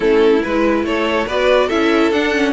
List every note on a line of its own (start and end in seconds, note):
0.00 0.41 A3
0.00 0.41 C#4
0.00 0.85 E4
0.00 0.42 A4
0.42 0.83 G#3
0.42 1.27 E4
0.42 0.85 B4
0.83 1.26 A3
0.83 1.27 A4
0.83 1.28 C#5
1.27 1.70 B3
1.27 1.70 F#4
1.27 1.67 B4
1.27 1.69 D5
1.67 2.12 C#4
1.67 2.12 E4
1.67 2.52 A4
1.67 2.11 E5
2.11 2.53 D4
2.11 2.34 D4
2.11 2.53 F#5
2.34 2.53 C#4